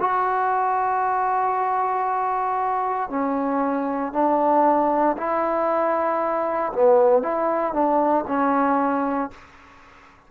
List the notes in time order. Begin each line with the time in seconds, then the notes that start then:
0.00 F#4
3.10 C#4
4.13 D4
5.17 E4
6.73 B3
7.23 E4
7.74 D4
8.28 C#4